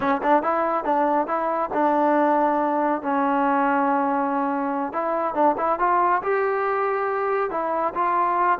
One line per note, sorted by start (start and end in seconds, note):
0.00 0.21 C#4
0.22 0.42 D4
0.42 0.84 E4
0.84 1.27 D4
1.27 1.69 E4
1.73 3.02 D4
3.02 4.92 C#4
4.92 5.34 E4
5.34 5.55 D4
5.57 5.79 E4
5.79 6.22 F4
6.22 7.50 G4
7.50 7.93 E4
7.94 8.58 F4